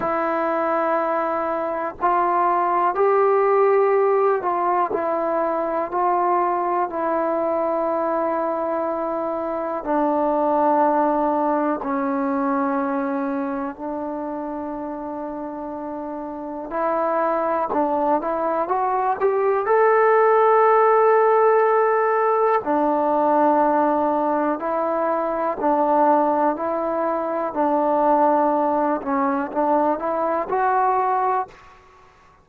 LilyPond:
\new Staff \with { instrumentName = "trombone" } { \time 4/4 \tempo 4 = 61 e'2 f'4 g'4~ | g'8 f'8 e'4 f'4 e'4~ | e'2 d'2 | cis'2 d'2~ |
d'4 e'4 d'8 e'8 fis'8 g'8 | a'2. d'4~ | d'4 e'4 d'4 e'4 | d'4. cis'8 d'8 e'8 fis'4 | }